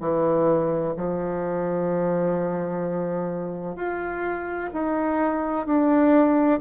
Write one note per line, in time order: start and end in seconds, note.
0.00 0.94 E3
0.96 3.76 F3
3.76 4.70 F4
4.73 5.66 D#4
5.66 6.60 D4